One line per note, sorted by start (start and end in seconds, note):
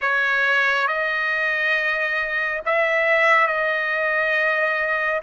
0.01 0.87 C#5
0.87 2.61 D#5
2.65 3.47 E5
3.47 5.21 D#5